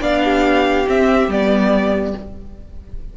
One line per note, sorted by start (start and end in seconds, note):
0.00 0.87 B3
0.00 0.86 D4
0.00 0.22 D5
0.00 0.88 F5
0.24 2.17 G4
0.86 1.29 C4
0.86 1.27 C4
0.86 1.31 E5
1.27 2.13 G3
1.27 2.16 B3
1.27 2.16 D5